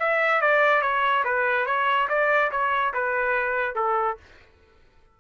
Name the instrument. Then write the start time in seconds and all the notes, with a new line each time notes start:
trumpet
0.00 E5
0.42 D5
0.82 C#5
1.25 B4
1.67 C#5
2.09 D5
2.52 C#5
2.94 B4
3.76 A4